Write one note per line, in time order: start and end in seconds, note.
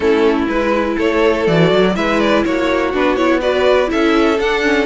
0.00 0.47 A3
0.00 0.48 C#4
0.00 0.95 E4
0.00 0.46 A4
0.47 0.96 G#3
0.47 1.49 E4
0.47 0.97 B4
0.95 1.47 A3
0.95 1.93 A4
0.95 1.46 C#5
1.46 1.71 E3
1.46 1.95 F#4
1.46 1.95 D5
1.71 1.95 F#3
1.95 2.44 G#3
1.95 2.93 E4
1.95 2.45 B4
1.95 2.19 E5
2.19 2.44 D5
2.44 2.93 A#3
2.44 3.41 F#4
2.44 2.93 C#5
2.93 3.91 B3
2.93 3.16 D4
2.93 3.16 B4
3.16 3.41 E4
3.16 3.40 C#5
3.40 3.86 F#4
3.40 3.90 B4
3.40 3.89 D5
3.86 4.35 E4
3.86 4.86 A4
3.86 4.39 E5
3.93 4.39 C#4
4.39 4.86 D4
4.39 4.62 D4
4.39 4.86 F#5
4.62 4.86 C#4